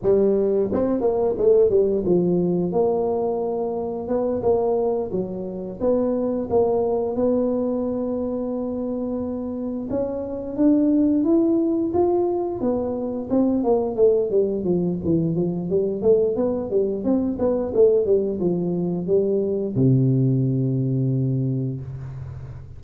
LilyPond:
\new Staff \with { instrumentName = "tuba" } { \time 4/4 \tempo 4 = 88 g4 c'8 ais8 a8 g8 f4 | ais2 b8 ais4 fis8~ | fis8 b4 ais4 b4.~ | b2~ b8 cis'4 d'8~ |
d'8 e'4 f'4 b4 c'8 | ais8 a8 g8 f8 e8 f8 g8 a8 | b8 g8 c'8 b8 a8 g8 f4 | g4 c2. | }